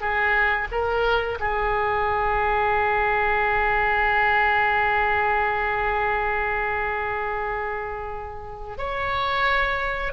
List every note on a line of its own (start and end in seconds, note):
0.00 0.67 G#4
0.71 1.38 A#4
1.39 8.78 G#4
8.78 10.12 C#5